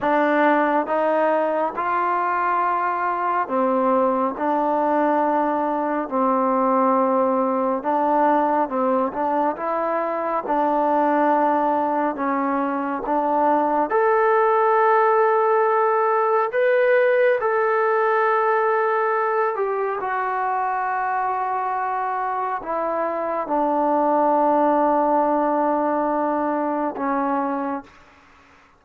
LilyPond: \new Staff \with { instrumentName = "trombone" } { \time 4/4 \tempo 4 = 69 d'4 dis'4 f'2 | c'4 d'2 c'4~ | c'4 d'4 c'8 d'8 e'4 | d'2 cis'4 d'4 |
a'2. b'4 | a'2~ a'8 g'8 fis'4~ | fis'2 e'4 d'4~ | d'2. cis'4 | }